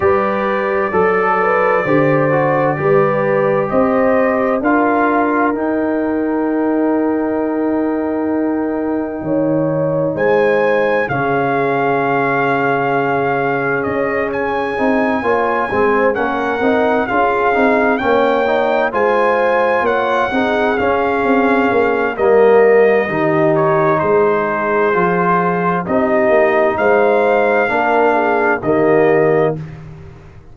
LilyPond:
<<
  \new Staff \with { instrumentName = "trumpet" } { \time 4/4 \tempo 4 = 65 d''1 | dis''4 f''4 g''2~ | g''2. gis''4 | f''2. dis''8 gis''8~ |
gis''4. fis''4 f''4 g''8~ | g''8 gis''4 fis''4 f''4. | dis''4. cis''8 c''2 | dis''4 f''2 dis''4 | }
  \new Staff \with { instrumentName = "horn" } { \time 4/4 b'4 a'8 b'8 c''4 b'4 | c''4 ais'2.~ | ais'2 cis''4 c''4 | gis'1~ |
gis'8 cis''8 c''8 ais'4 gis'4 cis''8~ | cis''8 c''4 cis''8 gis'2 | ais'4 g'4 gis'2 | g'4 c''4 ais'8 gis'8 g'4 | }
  \new Staff \with { instrumentName = "trombone" } { \time 4/4 g'4 a'4 g'8 fis'8 g'4~ | g'4 f'4 dis'2~ | dis'1 | cis'1 |
dis'8 f'8 c'8 cis'8 dis'8 f'8 dis'8 cis'8 | dis'8 f'4. dis'8 cis'4. | ais4 dis'2 f'4 | dis'2 d'4 ais4 | }
  \new Staff \with { instrumentName = "tuba" } { \time 4/4 g4 fis4 d4 g4 | c'4 d'4 dis'2~ | dis'2 dis4 gis4 | cis2. cis'4 |
c'8 ais8 gis8 ais8 c'8 cis'8 c'8 ais8~ | ais8 gis4 ais8 c'8 cis'8 c'8 ais8 | g4 dis4 gis4 f4 | c'8 ais8 gis4 ais4 dis4 | }
>>